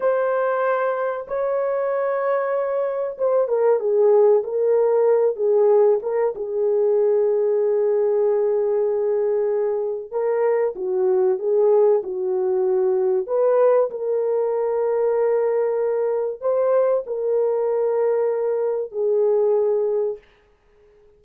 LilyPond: \new Staff \with { instrumentName = "horn" } { \time 4/4 \tempo 4 = 95 c''2 cis''2~ | cis''4 c''8 ais'8 gis'4 ais'4~ | ais'8 gis'4 ais'8 gis'2~ | gis'1 |
ais'4 fis'4 gis'4 fis'4~ | fis'4 b'4 ais'2~ | ais'2 c''4 ais'4~ | ais'2 gis'2 | }